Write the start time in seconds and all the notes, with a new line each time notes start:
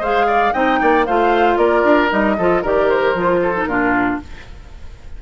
0.00 G#3 G#4 C5 F5
0.27 D5
0.53 C4 D#4 D#5 G5
0.81 A#3 D5
1.06 A3 F4 C5 F5
1.58 A#3 A#4 D5
1.84 D4
2.09 G3 D#4 D#5
2.38 F3 F4 A4
2.62 D#3 G4 A#4 D5
2.90 C5
3.15 F3 F4
3.42 A4
3.57 D#4
3.65 A#2 D4 F4 A#4